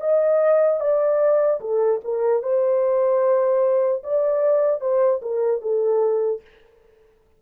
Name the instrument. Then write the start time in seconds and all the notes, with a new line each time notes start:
horn
0.00 D#5
0.80 D5
1.60 A4
2.04 A#4
2.42 C5
4.03 D5
4.80 C5
5.21 A#4
5.61 A4